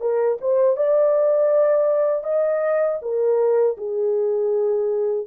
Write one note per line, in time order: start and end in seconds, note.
0.00 0.38 A#4
0.41 0.76 C5
0.76 2.23 D5
2.23 2.98 D#5
3.01 3.76 A#4
3.77 5.27 G#4